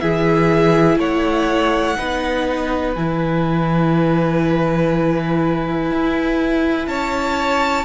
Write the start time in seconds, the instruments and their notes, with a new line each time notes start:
0.00 cello E3, viola E4, violin G#4 E5
0.97 cello A3, violin C#5 F#5
1.98 cello B3, viola D#4, violin B4
2.95 cello E3, viola E4, violin G#5
5.91 cello E4
6.88 cello C#4, violin C#5 A5